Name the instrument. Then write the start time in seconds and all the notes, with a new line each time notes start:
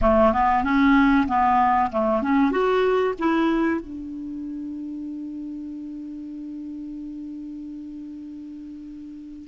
clarinet
0.01 A3
0.32 B3
0.63 C#4
1.27 B3
1.91 A3
2.22 C#4
2.51 F#4
3.19 E4
3.81 D4